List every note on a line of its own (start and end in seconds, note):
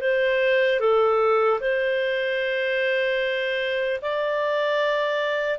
0.00 0.80 C5
0.80 1.60 A4
1.60 4.00 C5
4.01 5.58 D5